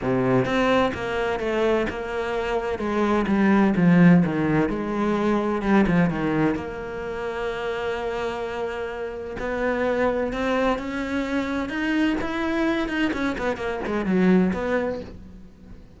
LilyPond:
\new Staff \with { instrumentName = "cello" } { \time 4/4 \tempo 4 = 128 c4 c'4 ais4 a4 | ais2 gis4 g4 | f4 dis4 gis2 | g8 f8 dis4 ais2~ |
ais1 | b2 c'4 cis'4~ | cis'4 dis'4 e'4. dis'8 | cis'8 b8 ais8 gis8 fis4 b4 | }